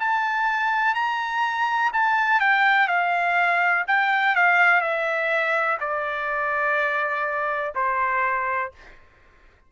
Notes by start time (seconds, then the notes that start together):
0.00 A5
0.95 A#5
1.93 A5
2.41 G5
2.88 F5
3.88 G5
4.36 F5
4.81 E5
5.80 D5
7.76 C5